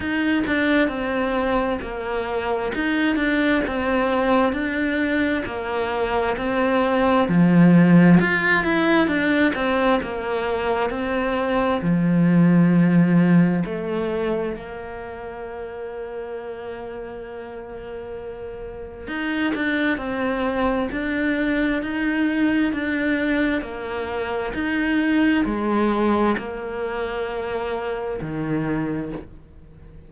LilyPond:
\new Staff \with { instrumentName = "cello" } { \time 4/4 \tempo 4 = 66 dis'8 d'8 c'4 ais4 dis'8 d'8 | c'4 d'4 ais4 c'4 | f4 f'8 e'8 d'8 c'8 ais4 | c'4 f2 a4 |
ais1~ | ais4 dis'8 d'8 c'4 d'4 | dis'4 d'4 ais4 dis'4 | gis4 ais2 dis4 | }